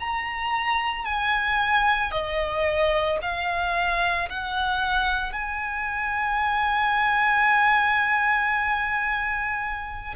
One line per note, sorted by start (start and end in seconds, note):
0.00 1.05 A#5
1.05 2.11 G#5
2.11 3.19 D#5
3.22 4.29 F5
4.29 5.33 F#5
5.33 10.15 G#5